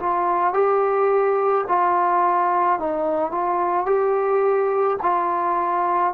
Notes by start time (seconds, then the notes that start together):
0.00 F4
0.54 G4
1.69 F4
2.80 D#4
3.32 F4
3.86 G4
5.03 F4